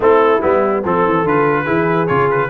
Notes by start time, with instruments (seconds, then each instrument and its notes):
0.00 tuba A3, trombone C4, horn E4, trumpet A4
0.41 tuba G3, trombone B3, trumpet E4
0.83 tuba F3, trombone C4, horn A4, trumpet A4
1.05 tuba E3
1.24 tuba D3, trombone F4, trumpet B4
1.64 tuba E3, trombone E4, horn G#4
2.07 tuba C#3, trombone F4, trumpet C#5
2.30 trumpet B4